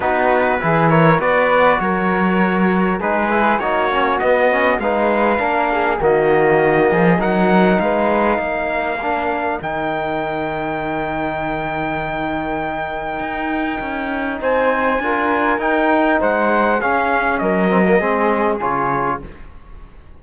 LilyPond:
<<
  \new Staff \with { instrumentName = "trumpet" } { \time 4/4 \tempo 4 = 100 b'4. cis''8 d''4 cis''4~ | cis''4 b'4 cis''4 dis''4 | f''2 dis''2 | fis''4 f''2. |
g''1~ | g''1 | gis''2 g''4 fis''4 | f''4 dis''2 cis''4 | }
  \new Staff \with { instrumentName = "flute" } { \time 4/4 fis'4 gis'8 ais'8 b'4 ais'4~ | ais'4 gis'4 fis'2 | b'4 ais'8 gis'8 fis'4. gis'8 | ais'4 b'4 ais'2~ |
ais'1~ | ais'1 | c''4 ais'2 c''4 | gis'4 ais'4 gis'2 | }
  \new Staff \with { instrumentName = "trombone" } { \time 4/4 dis'4 e'4 fis'2~ | fis'4 dis'8 e'8 dis'8 cis'8 b8 cis'8 | dis'4 d'4 ais2 | dis'2. d'4 |
dis'1~ | dis'1~ | dis'4 f'4 dis'2 | cis'4. c'16 ais16 c'4 f'4 | }
  \new Staff \with { instrumentName = "cello" } { \time 4/4 b4 e4 b4 fis4~ | fis4 gis4 ais4 b4 | gis4 ais4 dis4. f8 | fis4 gis4 ais2 |
dis1~ | dis2 dis'4 cis'4 | c'4 d'4 dis'4 gis4 | cis'4 fis4 gis4 cis4 | }
>>